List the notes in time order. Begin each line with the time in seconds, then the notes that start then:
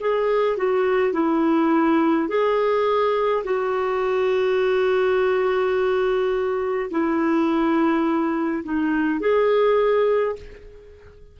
0.00 G#4
0.57 F#4
1.13 E4
2.28 G#4
3.44 F#4
6.90 E4
8.63 D#4
9.20 G#4